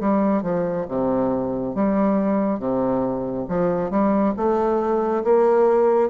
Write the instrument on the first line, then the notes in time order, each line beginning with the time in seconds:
bassoon
0.00 G3
0.43 F3
0.89 C3
1.75 G3
2.59 C3
3.49 F3
3.91 G3
4.37 A3
5.24 A#3